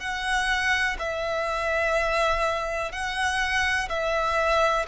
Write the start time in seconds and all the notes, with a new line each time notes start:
0.00 F#5
0.99 E5
2.93 F#5
3.90 E5